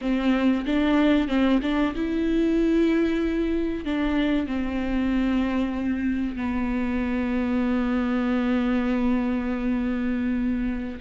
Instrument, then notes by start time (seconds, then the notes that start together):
viola
0.01 C4
0.66 D4
1.28 C4
1.62 D4
1.95 E4
3.84 D4
4.47 C4
6.36 B3